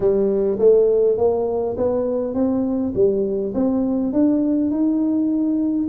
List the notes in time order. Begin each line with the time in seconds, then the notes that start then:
0.00 G3
0.58 A3
1.17 A#3
1.77 B3
2.34 C4
2.94 G3
3.54 C4
4.12 D4
4.70 D#4